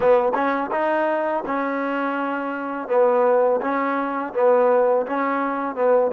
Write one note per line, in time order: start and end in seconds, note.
0.00 0.32 B3
0.34 0.70 C#4
0.71 1.43 D#4
1.46 2.88 C#4
2.88 3.60 B3
3.61 4.33 C#4
4.33 5.05 B3
5.06 5.75 C#4
5.75 6.11 B3